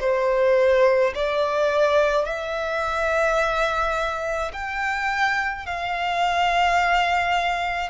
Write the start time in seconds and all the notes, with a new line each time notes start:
0.00 C5
1.15 D5
2.25 E5
4.53 G5
5.66 F5